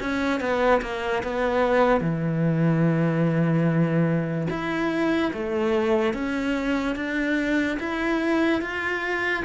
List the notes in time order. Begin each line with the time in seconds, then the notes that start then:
0.00 C#4
0.40 B3
0.81 A#3
1.23 B3
2.01 E3
4.50 E4
5.33 A3
6.13 C#4
6.96 D4
7.79 E4
8.62 F4